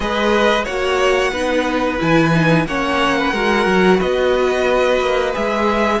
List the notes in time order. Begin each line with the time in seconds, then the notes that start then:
0.00 G#3 G#4 B4 D#5
0.64 A#3 F#4 C#5 F#5
1.32 B3 D#4 B4
1.98 E3 E4 G#5
2.33 D#4
2.66 A#3 C#4 C#5 F#5
3.18 B4
3.32 G#3 F#4 A#4
3.66 F#3
3.97 B3 B4 D#5
5.00 A#3
5.33 G#3 G#4 E5